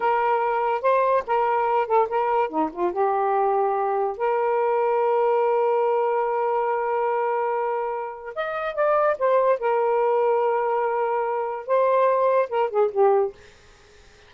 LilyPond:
\new Staff \with { instrumentName = "saxophone" } { \time 4/4 \tempo 4 = 144 ais'2 c''4 ais'4~ | ais'8 a'8 ais'4 dis'8 f'8 g'4~ | g'2 ais'2~ | ais'1~ |
ais'1 | dis''4 d''4 c''4 ais'4~ | ais'1 | c''2 ais'8 gis'8 g'4 | }